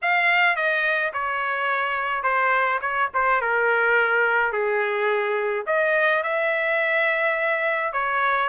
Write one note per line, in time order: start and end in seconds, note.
0.02 0.56 F5
0.56 1.12 D#5
1.13 2.23 C#5
2.23 2.79 C5
2.81 3.09 C#5
3.14 3.41 C5
3.41 4.52 A#4
4.52 5.65 G#4
5.66 6.23 D#5
6.23 7.92 E5
7.92 8.49 C#5